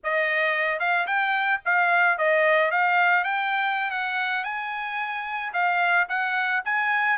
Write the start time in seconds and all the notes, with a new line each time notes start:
0.03 D#5
0.79 F5
1.06 G5
1.65 F5
2.18 D#5
2.71 F5
3.24 G5
3.90 F#5
4.44 G#5
5.53 F5
6.08 F#5
6.65 G#5